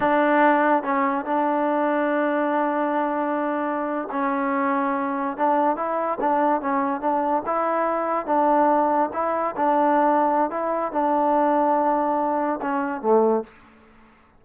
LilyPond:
\new Staff \with { instrumentName = "trombone" } { \time 4/4 \tempo 4 = 143 d'2 cis'4 d'4~ | d'1~ | d'4.~ d'16 cis'2~ cis'16~ | cis'8. d'4 e'4 d'4 cis'16~ |
cis'8. d'4 e'2 d'16~ | d'4.~ d'16 e'4 d'4~ d'16~ | d'4 e'4 d'2~ | d'2 cis'4 a4 | }